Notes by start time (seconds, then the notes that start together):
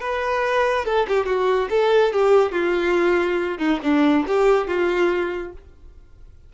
0.00 B4
0.85 A4
1.08 G4
1.26 F#4
1.70 A4
2.13 G4
2.52 F4
3.58 D#4
3.83 D4
4.27 G4
4.67 F4